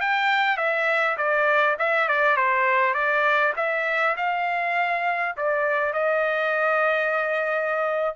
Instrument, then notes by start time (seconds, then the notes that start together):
trumpet
0.00 G5
0.57 E5
1.17 D5
1.78 E5
2.08 D5
2.36 C5
2.94 D5
3.56 E5
4.16 F5
5.36 D5
5.93 D#5